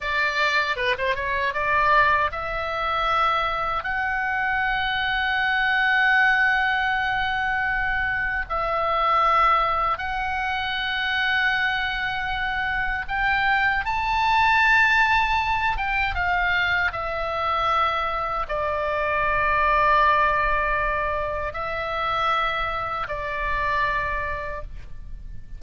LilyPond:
\new Staff \with { instrumentName = "oboe" } { \time 4/4 \tempo 4 = 78 d''4 b'16 c''16 cis''8 d''4 e''4~ | e''4 fis''2.~ | fis''2. e''4~ | e''4 fis''2.~ |
fis''4 g''4 a''2~ | a''8 g''8 f''4 e''2 | d''1 | e''2 d''2 | }